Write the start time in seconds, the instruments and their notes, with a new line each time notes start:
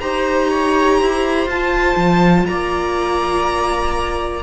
0.00 cello D#4, viola G4 C5, violin A#5
0.50 viola C#5
0.99 cello E4, viola C5
1.46 cello F4, viola F4, violin A5
1.96 cello F3
2.46 cello A#3, viola D5, violin A#5